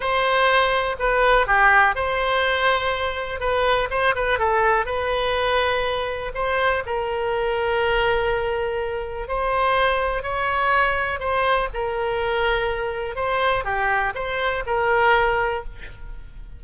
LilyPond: \new Staff \with { instrumentName = "oboe" } { \time 4/4 \tempo 4 = 123 c''2 b'4 g'4 | c''2. b'4 | c''8 b'8 a'4 b'2~ | b'4 c''4 ais'2~ |
ais'2. c''4~ | c''4 cis''2 c''4 | ais'2. c''4 | g'4 c''4 ais'2 | }